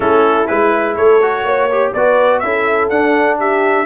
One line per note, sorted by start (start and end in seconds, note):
0.00 0.47 A3
0.00 0.47 C#4
0.00 0.95 E4
0.00 0.47 A4
0.47 0.97 G#3
0.47 1.20 E4
0.47 0.95 B4
0.96 1.44 A3
0.96 1.44 A4
0.96 1.93 C#5
1.21 1.70 F#4
1.44 1.92 A#3
1.44 1.93 C#5
1.71 1.95 G4
1.93 2.42 B3
1.93 2.44 F#4
1.93 2.43 B4
1.93 2.39 D5
2.39 2.90 C#4
2.39 2.91 E4
2.39 3.38 A4
2.39 2.87 E5
2.89 3.85 D4
2.89 3.37 F#5
3.38 3.85 G4
3.38 3.85 E5